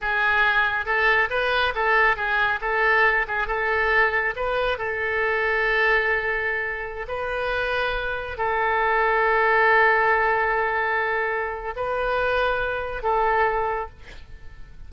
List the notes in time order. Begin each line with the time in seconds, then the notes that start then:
0.01 G#4
0.85 A4
1.30 B4
1.74 A4
2.16 G#4
2.61 A4
3.27 G#4
3.47 A4
4.35 B4
4.78 A4
7.08 B4
8.37 A4
11.75 B4
13.02 A4